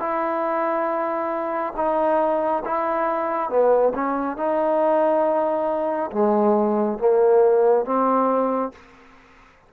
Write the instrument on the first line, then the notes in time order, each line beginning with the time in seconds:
trombone
0.00 E4
1.77 D#4
2.65 E4
3.50 B3
3.95 C#4
4.38 D#4
6.12 G#3
6.99 A#3
7.86 C4